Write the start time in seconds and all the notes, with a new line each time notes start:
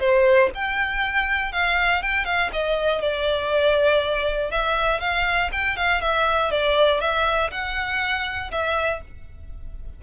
0.00 C5
0.55 G5
1.52 F5
2.03 G5
2.25 F5
2.53 D#5
3.02 D5
4.52 E5
5.01 F5
5.52 G5
5.77 F5
6.02 E5
6.51 D5
7.01 E5
7.52 F#5
8.52 E5